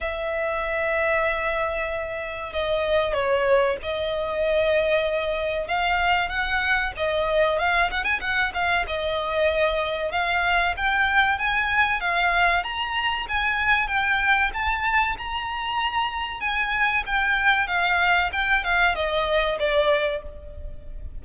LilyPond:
\new Staff \with { instrumentName = "violin" } { \time 4/4 \tempo 4 = 95 e''1 | dis''4 cis''4 dis''2~ | dis''4 f''4 fis''4 dis''4 | f''8 fis''16 gis''16 fis''8 f''8 dis''2 |
f''4 g''4 gis''4 f''4 | ais''4 gis''4 g''4 a''4 | ais''2 gis''4 g''4 | f''4 g''8 f''8 dis''4 d''4 | }